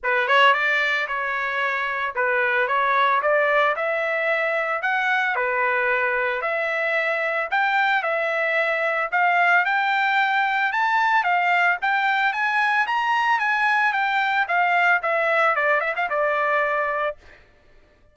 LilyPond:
\new Staff \with { instrumentName = "trumpet" } { \time 4/4 \tempo 4 = 112 b'8 cis''8 d''4 cis''2 | b'4 cis''4 d''4 e''4~ | e''4 fis''4 b'2 | e''2 g''4 e''4~ |
e''4 f''4 g''2 | a''4 f''4 g''4 gis''4 | ais''4 gis''4 g''4 f''4 | e''4 d''8 e''16 f''16 d''2 | }